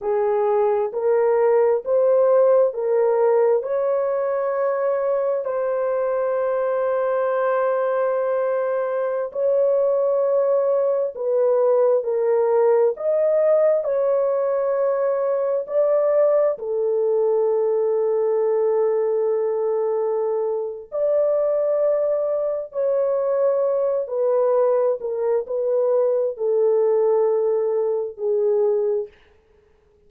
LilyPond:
\new Staff \with { instrumentName = "horn" } { \time 4/4 \tempo 4 = 66 gis'4 ais'4 c''4 ais'4 | cis''2 c''2~ | c''2~ c''16 cis''4.~ cis''16~ | cis''16 b'4 ais'4 dis''4 cis''8.~ |
cis''4~ cis''16 d''4 a'4.~ a'16~ | a'2. d''4~ | d''4 cis''4. b'4 ais'8 | b'4 a'2 gis'4 | }